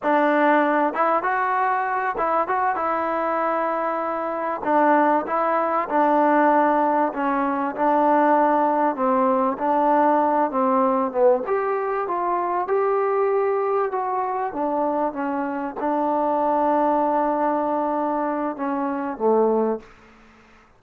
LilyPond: \new Staff \with { instrumentName = "trombone" } { \time 4/4 \tempo 4 = 97 d'4. e'8 fis'4. e'8 | fis'8 e'2. d'8~ | d'8 e'4 d'2 cis'8~ | cis'8 d'2 c'4 d'8~ |
d'4 c'4 b8 g'4 f'8~ | f'8 g'2 fis'4 d'8~ | d'8 cis'4 d'2~ d'8~ | d'2 cis'4 a4 | }